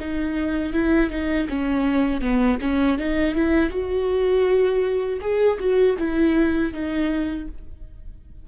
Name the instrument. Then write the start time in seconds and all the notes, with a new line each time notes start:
viola
0.00 D#4
0.73 E4
1.10 D#4
1.49 C#4
2.21 B3
2.61 C#4
2.98 D#4
3.35 E4
3.70 F#4
5.21 G#4
5.59 F#4
5.98 E4
6.73 D#4